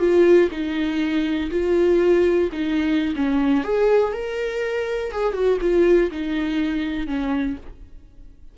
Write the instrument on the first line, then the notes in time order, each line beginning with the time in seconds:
viola
0.00 F4
0.52 D#4
1.51 F4
2.53 D#4
3.16 C#4
3.64 G#4
4.13 A#4
5.12 G#4
5.34 F#4
5.61 F4
6.11 D#4
7.08 C#4